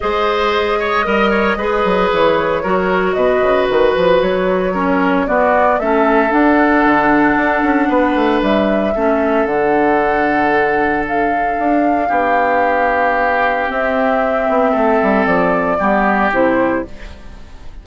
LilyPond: <<
  \new Staff \with { instrumentName = "flute" } { \time 4/4 \tempo 4 = 114 dis''1 | cis''2 dis''4 b'4 | cis''2 d''4 e''4 | fis''1 |
e''2 fis''2~ | fis''4 f''2.~ | f''2 e''2~ | e''4 d''2 c''4 | }
  \new Staff \with { instrumentName = "oboe" } { \time 4/4 c''4. cis''8 dis''8 cis''8 b'4~ | b'4 ais'4 b'2~ | b'4 ais'4 fis'4 a'4~ | a'2. b'4~ |
b'4 a'2.~ | a'2. g'4~ | g'1 | a'2 g'2 | }
  \new Staff \with { instrumentName = "clarinet" } { \time 4/4 gis'2 ais'4 gis'4~ | gis'4 fis'2.~ | fis'4 cis'4 b4 cis'4 | d'1~ |
d'4 cis'4 d'2~ | d'1~ | d'2 c'2~ | c'2 b4 e'4 | }
  \new Staff \with { instrumentName = "bassoon" } { \time 4/4 gis2 g4 gis8 fis8 | e4 fis4 b,8 cis8 dis8 f8 | fis2 b4 a4 | d'4 d4 d'8 cis'8 b8 a8 |
g4 a4 d2~ | d2 d'4 b4~ | b2 c'4. b8 | a8 g8 f4 g4 c4 | }
>>